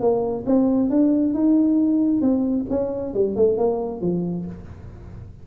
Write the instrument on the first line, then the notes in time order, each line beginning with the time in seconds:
tuba
0.00 A#3
0.46 C4
0.90 D4
1.34 D#4
2.21 C4
2.70 C#4
3.14 G3
3.36 A3
3.57 A#3
4.01 F3